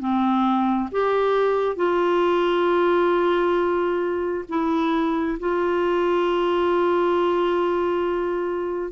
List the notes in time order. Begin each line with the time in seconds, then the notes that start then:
0.00 C4
0.92 G4
1.76 F4
4.49 E4
5.40 F4